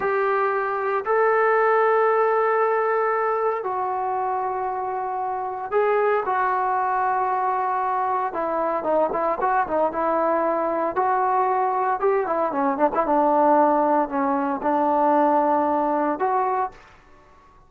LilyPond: \new Staff \with { instrumentName = "trombone" } { \time 4/4 \tempo 4 = 115 g'2 a'2~ | a'2. fis'4~ | fis'2. gis'4 | fis'1 |
e'4 dis'8 e'8 fis'8 dis'8 e'4~ | e'4 fis'2 g'8 e'8 | cis'8 d'16 e'16 d'2 cis'4 | d'2. fis'4 | }